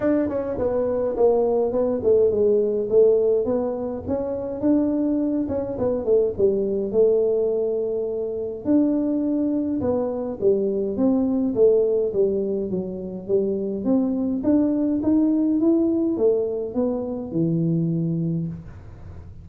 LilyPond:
\new Staff \with { instrumentName = "tuba" } { \time 4/4 \tempo 4 = 104 d'8 cis'8 b4 ais4 b8 a8 | gis4 a4 b4 cis'4 | d'4. cis'8 b8 a8 g4 | a2. d'4~ |
d'4 b4 g4 c'4 | a4 g4 fis4 g4 | c'4 d'4 dis'4 e'4 | a4 b4 e2 | }